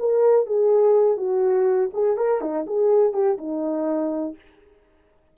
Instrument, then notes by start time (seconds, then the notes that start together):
horn
0.00 A#4
0.47 G#4
1.17 F#4
1.94 G#4
2.17 A#4
2.42 D#4
2.67 G#4
3.13 G4
3.38 D#4